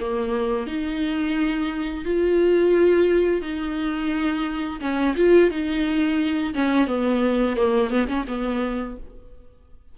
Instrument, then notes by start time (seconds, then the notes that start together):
viola
0.00 A#3
0.67 D#4
2.05 F4
3.42 D#4
4.81 C#4
5.17 F4
5.50 D#4
6.54 C#4
6.87 B3
7.56 A#3
7.90 B3
8.08 C#4
8.28 B3